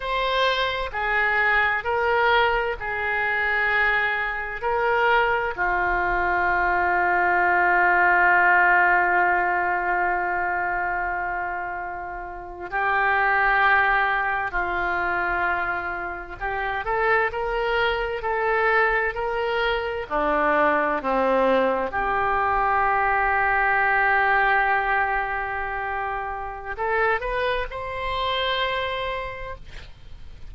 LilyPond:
\new Staff \with { instrumentName = "oboe" } { \time 4/4 \tempo 4 = 65 c''4 gis'4 ais'4 gis'4~ | gis'4 ais'4 f'2~ | f'1~ | f'4.~ f'16 g'2 f'16~ |
f'4.~ f'16 g'8 a'8 ais'4 a'16~ | a'8. ais'4 d'4 c'4 g'16~ | g'1~ | g'4 a'8 b'8 c''2 | }